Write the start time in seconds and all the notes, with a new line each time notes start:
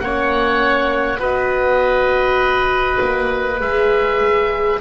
0.00 A#3 C#4 C#5 F#5
1.19 B3 F#4 B4 D#5
3.01 A#3
3.60 G#3 G#4 E5